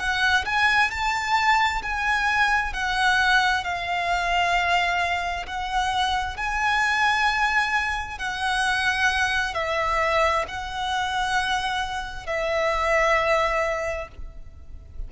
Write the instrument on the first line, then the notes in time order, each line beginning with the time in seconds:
violin
0.00 F#5
0.46 G#5
0.91 A5
1.83 G#5
2.74 F#5
3.64 F5
5.47 F#5
6.37 G#5
8.19 F#5
9.55 E5
10.49 F#5
12.27 E5